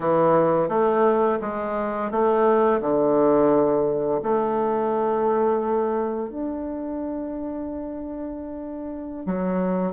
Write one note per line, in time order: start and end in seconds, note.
0.00 0.68 E3
0.68 1.38 A3
1.41 2.11 G#3
2.11 2.81 A3
2.81 4.21 D3
4.22 6.29 A3
6.29 9.25 D4
9.25 9.92 F#3